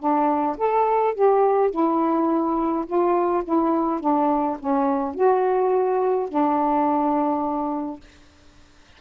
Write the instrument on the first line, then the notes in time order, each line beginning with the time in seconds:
saxophone
0.00 D4
0.58 A4
1.15 G4
1.71 E4
2.87 F4
3.45 E4
4.01 D4
4.60 C#4
5.15 F#4
6.29 D4